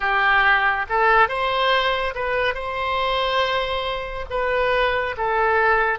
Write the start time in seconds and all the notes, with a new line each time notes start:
0.00 G4
0.89 A4
1.28 C5
2.14 B4
2.54 C5
4.30 B4
5.17 A4